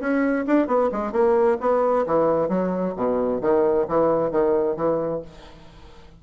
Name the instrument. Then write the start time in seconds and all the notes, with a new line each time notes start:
bassoon
0.00 C#4
0.46 D4
0.67 B3
0.92 G#3
1.12 A#3
1.60 B3
2.06 E3
2.49 F#3
2.96 B2
3.41 D#3
3.88 E3
4.31 D#3
4.76 E3